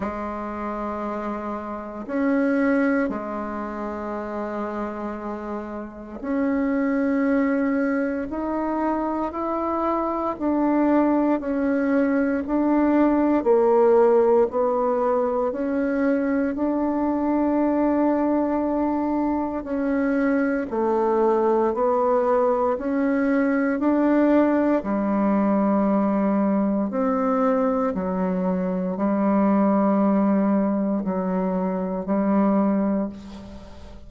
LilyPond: \new Staff \with { instrumentName = "bassoon" } { \time 4/4 \tempo 4 = 58 gis2 cis'4 gis4~ | gis2 cis'2 | dis'4 e'4 d'4 cis'4 | d'4 ais4 b4 cis'4 |
d'2. cis'4 | a4 b4 cis'4 d'4 | g2 c'4 fis4 | g2 fis4 g4 | }